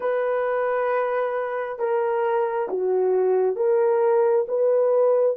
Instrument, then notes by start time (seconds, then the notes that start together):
horn
0.00 B4
1.79 A#4
2.69 F#4
3.56 A#4
4.48 B4